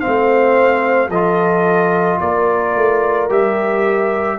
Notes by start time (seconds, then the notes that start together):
0.00 C4 C5 F5
0.07 A3
1.10 F3 F4 A4 D#5
2.21 A#3 A#4 D5
2.76 A3
3.30 G3 G4 E5